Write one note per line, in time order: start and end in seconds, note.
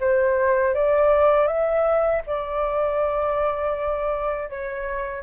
0.00 0.74 C5
0.74 1.47 D5
1.47 2.22 E5
2.26 4.49 D5
4.49 5.23 C#5